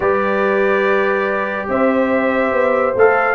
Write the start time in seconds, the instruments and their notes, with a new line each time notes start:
0.00 tuba G3, trombone G4, horn B4, trumpet D5
1.68 tuba C4, horn C5, trumpet E5
2.52 tuba B3
2.95 tuba A3, trombone A4, trumpet F5